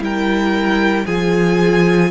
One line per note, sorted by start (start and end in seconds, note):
0.00 1.05 G3
0.00 1.05 E4
0.00 1.06 A#4
0.00 1.07 G5
1.06 2.12 F3
1.06 2.12 F4
1.06 2.11 G#4
1.06 2.12 G#5